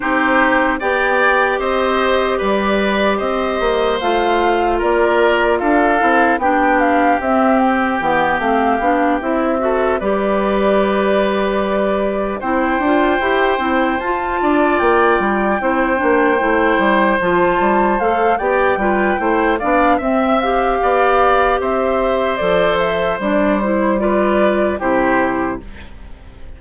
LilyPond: <<
  \new Staff \with { instrumentName = "flute" } { \time 4/4 \tempo 4 = 75 c''4 g''4 dis''4 d''4 | dis''4 f''4 d''4 f''4 | g''8 f''8 e''8 g''4 f''4 e''8~ | e''8 d''2. g''8~ |
g''4. a''4 g''4.~ | g''4. a''4 f''8 g''4~ | g''8 f''8 e''8 f''4. e''4 | d''8 e''8 d''8 c''8 d''4 c''4 | }
  \new Staff \with { instrumentName = "oboe" } { \time 4/4 g'4 d''4 c''4 b'4 | c''2 ais'4 a'4 | g'1 | a'8 b'2. c''8~ |
c''2 d''4. c''8~ | c''2. d''8 b'8 | c''8 d''8 e''4 d''4 c''4~ | c''2 b'4 g'4 | }
  \new Staff \with { instrumentName = "clarinet" } { \time 4/4 dis'4 g'2.~ | g'4 f'2~ f'8 e'8 | d'4 c'4 b8 c'8 d'8 e'8 | fis'8 g'2. e'8 |
f'8 g'8 e'8 f'2 e'8 | d'8 e'4 f'4 a'8 g'8 f'8 | e'8 d'8 c'8 g'2~ g'8 | a'4 d'8 e'8 f'4 e'4 | }
  \new Staff \with { instrumentName = "bassoon" } { \time 4/4 c'4 b4 c'4 g4 | c'8 ais8 a4 ais4 d'8 c'8 | b4 c'4 e8 a8 b8 c'8~ | c'8 g2. c'8 |
d'8 e'8 c'8 f'8 d'8 ais8 g8 c'8 | ais8 a8 g8 f8 g8 a8 b8 g8 | a8 b8 c'4 b4 c'4 | f4 g2 c4 | }
>>